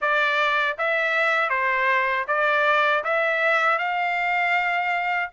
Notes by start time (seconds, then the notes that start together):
0.01 D5
0.78 E5
1.49 C5
2.28 D5
3.03 E5
3.78 F5